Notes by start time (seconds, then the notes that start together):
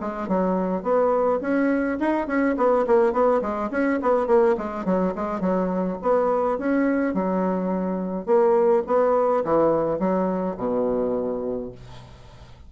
0.00 G#3
0.28 F#3
0.82 B3
1.41 C#4
1.99 D#4
2.27 C#4
2.57 B3
2.86 A#3
3.12 B3
3.41 G#3
3.71 C#4
4.02 B3
4.26 A#3
4.57 G#3
4.85 F#3
5.15 G#3
5.40 F#3
6.02 B3
6.58 C#4
7.14 F#3
8.26 A#3
8.86 B3
9.44 E3
9.99 F#3
10.57 B2